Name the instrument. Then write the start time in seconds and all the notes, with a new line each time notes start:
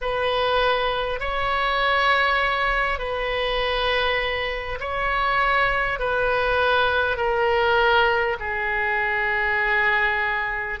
oboe
0.01 B4
1.20 C#5
2.98 B4
4.79 C#5
5.99 B4
7.16 A#4
8.39 G#4